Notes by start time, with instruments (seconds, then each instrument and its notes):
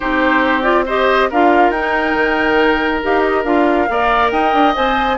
0.00 bassoon C4, clarinet D#4, oboe G4, flute C5
0.62 clarinet F4, flute D5
0.85 clarinet G4, oboe C5, flute D#5
1.30 bassoon D4, clarinet F4, oboe A#4, flute F5
1.70 bassoon D#4, flute G5
1.76 clarinet D#4
2.14 bassoon D#3
3.03 bassoon D#4, clarinet G4, flute F5
3.22 flute D#5
3.44 bassoon D4, clarinet F4, flute F5
3.88 bassoon A#3, clarinet A#4, oboe D5
4.30 bassoon D#4, oboe D#5, flute G5
4.53 bassoon D4
4.74 bassoon C4, clarinet C5, flute G#5